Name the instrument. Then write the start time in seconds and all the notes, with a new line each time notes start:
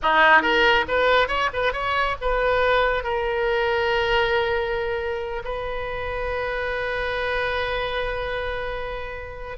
oboe
0.02 D#4
0.42 A#4
0.88 B4
1.28 C#5
1.53 B4
1.72 C#5
2.21 B4
3.03 A#4
5.44 B4